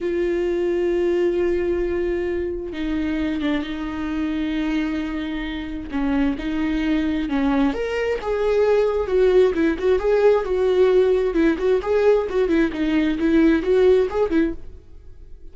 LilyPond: \new Staff \with { instrumentName = "viola" } { \time 4/4 \tempo 4 = 132 f'1~ | f'2 dis'4. d'8 | dis'1~ | dis'4 cis'4 dis'2 |
cis'4 ais'4 gis'2 | fis'4 e'8 fis'8 gis'4 fis'4~ | fis'4 e'8 fis'8 gis'4 fis'8 e'8 | dis'4 e'4 fis'4 gis'8 e'8 | }